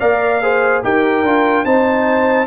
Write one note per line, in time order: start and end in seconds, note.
0.00 0.84 A#3
0.00 0.42 A#4
0.00 0.42 D5
0.00 0.82 F5
0.42 0.83 G#4
0.42 0.84 C5
0.83 1.23 D#4
0.83 1.24 G4
0.83 1.65 A#4
0.83 1.65 G5
1.23 1.64 D4
1.23 1.66 F4
1.65 2.47 C4
1.65 2.47 D#4
1.65 2.47 C5
1.65 2.47 A5